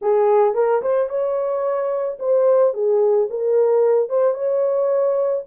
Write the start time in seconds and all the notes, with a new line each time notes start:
0.01 G#4
0.54 A#4
0.82 C5
1.09 C#5
2.19 C5
2.73 G#4
3.30 A#4
4.09 C5
4.34 C#5